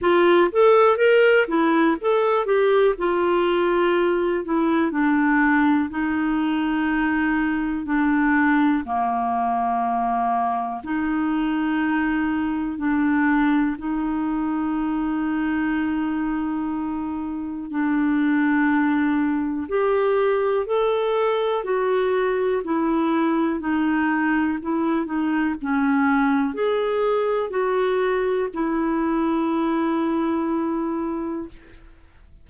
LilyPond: \new Staff \with { instrumentName = "clarinet" } { \time 4/4 \tempo 4 = 61 f'8 a'8 ais'8 e'8 a'8 g'8 f'4~ | f'8 e'8 d'4 dis'2 | d'4 ais2 dis'4~ | dis'4 d'4 dis'2~ |
dis'2 d'2 | g'4 a'4 fis'4 e'4 | dis'4 e'8 dis'8 cis'4 gis'4 | fis'4 e'2. | }